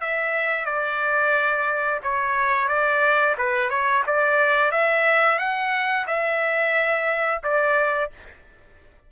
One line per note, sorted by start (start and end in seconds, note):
0.00 0.65 E5
0.65 2.00 D5
2.03 2.68 C#5
2.68 3.35 D5
3.38 3.69 B4
3.69 4.03 C#5
4.06 4.71 D5
4.71 5.38 E5
5.38 6.06 F#5
6.07 7.42 E5
7.43 8.11 D5